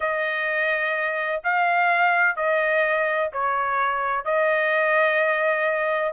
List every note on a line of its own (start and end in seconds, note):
0.00 1.42 D#5
1.43 2.36 F5
2.36 3.30 D#5
3.32 4.24 C#5
4.24 6.12 D#5